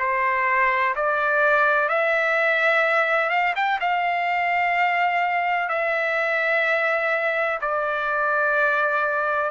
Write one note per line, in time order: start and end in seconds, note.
0.00 0.95 C5
0.96 1.89 D5
1.89 3.30 E5
3.30 3.54 F5
3.56 3.80 G5
3.81 5.69 F5
5.69 7.60 E5
7.62 9.51 D5